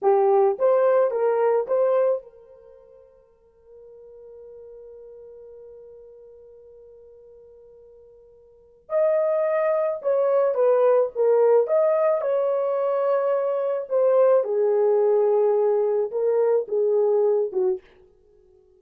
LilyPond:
\new Staff \with { instrumentName = "horn" } { \time 4/4 \tempo 4 = 108 g'4 c''4 ais'4 c''4 | ais'1~ | ais'1~ | ais'1 |
dis''2 cis''4 b'4 | ais'4 dis''4 cis''2~ | cis''4 c''4 gis'2~ | gis'4 ais'4 gis'4. fis'8 | }